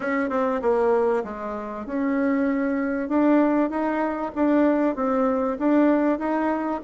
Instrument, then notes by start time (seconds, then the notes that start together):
bassoon
0.00 C#4
0.30 C4
0.61 A#3
1.24 G#3
1.86 C#4
3.08 D4
3.69 D#4
4.35 D4
4.95 C4
5.58 D4
6.19 D#4